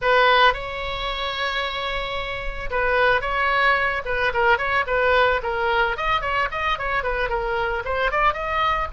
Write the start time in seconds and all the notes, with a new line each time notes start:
0.01 B4
0.53 C#5
2.70 B4
3.21 C#5
4.05 B4
4.33 A#4
4.57 C#5
4.86 B4
5.42 A#4
5.96 D#5
6.21 C#5
6.51 D#5
6.78 C#5
7.03 B4
7.29 A#4
7.85 C5
8.11 D5
8.33 D#5